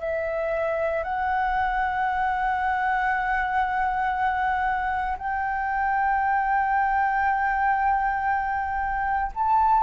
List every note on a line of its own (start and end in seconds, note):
0.00 1.03 E5
1.03 5.17 F#5
5.18 9.32 G5
9.35 9.83 A5